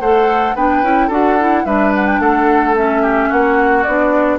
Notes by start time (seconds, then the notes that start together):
0.00 A3 A4 C5 F#5
0.55 B3 D4 B4 G5
0.82 C#4 E4
1.07 D4 F#4 A4 F#5
1.39 E4
1.65 G3 D4 B4 E5
1.95 F#5
2.07 G5
2.19 A3 A4 F#5
2.75 C#4 E5
3.02 G4
3.29 A#3 F#4 F#5
3.83 B3 D4 D5